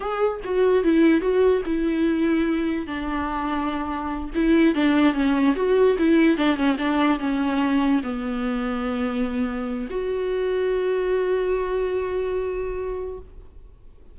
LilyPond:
\new Staff \with { instrumentName = "viola" } { \time 4/4 \tempo 4 = 146 gis'4 fis'4 e'4 fis'4 | e'2. d'4~ | d'2~ d'8 e'4 d'8~ | d'8 cis'4 fis'4 e'4 d'8 |
cis'8 d'4 cis'2 b8~ | b1 | fis'1~ | fis'1 | }